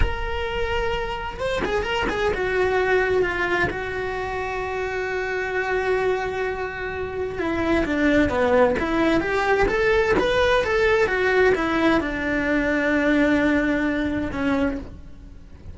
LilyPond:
\new Staff \with { instrumentName = "cello" } { \time 4/4 \tempo 4 = 130 ais'2. c''8 gis'8 | ais'8 gis'8 fis'2 f'4 | fis'1~ | fis'1 |
e'4 d'4 b4 e'4 | g'4 a'4 b'4 a'4 | fis'4 e'4 d'2~ | d'2. cis'4 | }